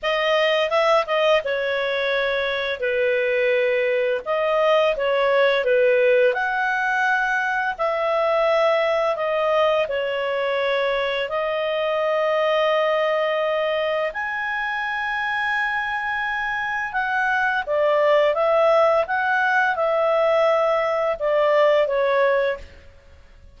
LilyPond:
\new Staff \with { instrumentName = "clarinet" } { \time 4/4 \tempo 4 = 85 dis''4 e''8 dis''8 cis''2 | b'2 dis''4 cis''4 | b'4 fis''2 e''4~ | e''4 dis''4 cis''2 |
dis''1 | gis''1 | fis''4 d''4 e''4 fis''4 | e''2 d''4 cis''4 | }